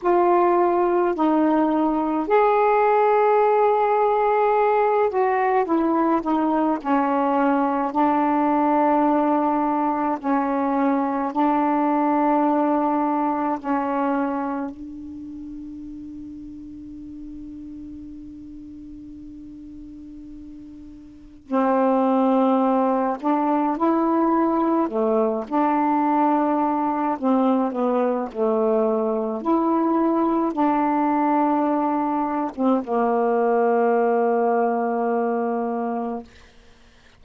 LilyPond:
\new Staff \with { instrumentName = "saxophone" } { \time 4/4 \tempo 4 = 53 f'4 dis'4 gis'2~ | gis'8 fis'8 e'8 dis'8 cis'4 d'4~ | d'4 cis'4 d'2 | cis'4 d'2.~ |
d'2. c'4~ | c'8 d'8 e'4 a8 d'4. | c'8 b8 a4 e'4 d'4~ | d'8. c'16 ais2. | }